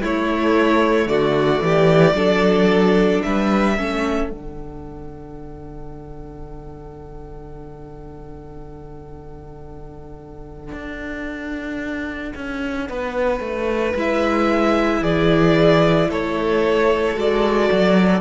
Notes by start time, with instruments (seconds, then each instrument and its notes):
0.00 viola A3, cello A3, violin E4 C#5
1.06 cello D3, violin F#4 D5
1.61 cello E3, violin G4
2.13 cello F#3, viola D4, violin A4
3.22 cello G3, violin B4 E5
3.76 cello A3, viola C#4, violin A4
4.29 cello D3, viola D4, violin F#5
10.72 cello D4
12.35 cello C#4
12.89 cello B3, violin B4
13.40 cello A3
13.94 cello G#3, viola E4, violin E5
15.00 cello E3, violin G#4 D5
16.09 cello A3, violin A4 C#5
17.14 cello G#3, viola F#4, violin D5
17.71 cello F#3